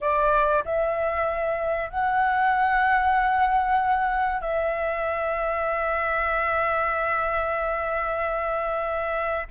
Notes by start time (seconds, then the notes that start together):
0.01 D5
0.65 E5
1.89 F#5
4.41 E5